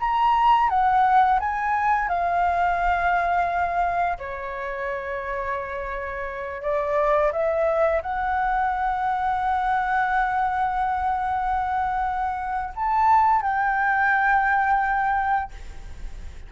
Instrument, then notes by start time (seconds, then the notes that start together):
flute
0.00 A#5
0.69 F#5
1.40 G#5
2.09 F5
4.18 C#5
6.62 D5
7.32 E5
8.02 F#5
12.75 A5
13.42 G5